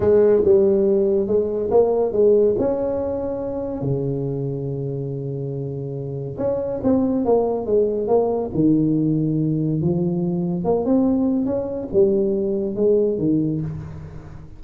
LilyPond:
\new Staff \with { instrumentName = "tuba" } { \time 4/4 \tempo 4 = 141 gis4 g2 gis4 | ais4 gis4 cis'2~ | cis'4 cis2.~ | cis2. cis'4 |
c'4 ais4 gis4 ais4 | dis2. f4~ | f4 ais8 c'4. cis'4 | g2 gis4 dis4 | }